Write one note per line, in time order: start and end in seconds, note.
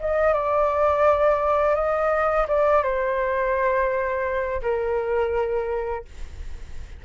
0.00 0.33 D#5
0.33 1.75 D5
1.75 2.46 D#5
2.47 2.83 D5
2.83 4.61 C5
4.62 6.05 A#4